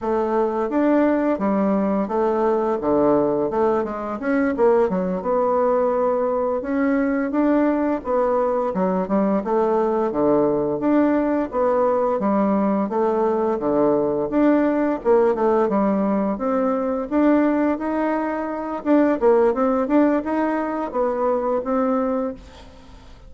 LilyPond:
\new Staff \with { instrumentName = "bassoon" } { \time 4/4 \tempo 4 = 86 a4 d'4 g4 a4 | d4 a8 gis8 cis'8 ais8 fis8 b8~ | b4. cis'4 d'4 b8~ | b8 fis8 g8 a4 d4 d'8~ |
d'8 b4 g4 a4 d8~ | d8 d'4 ais8 a8 g4 c'8~ | c'8 d'4 dis'4. d'8 ais8 | c'8 d'8 dis'4 b4 c'4 | }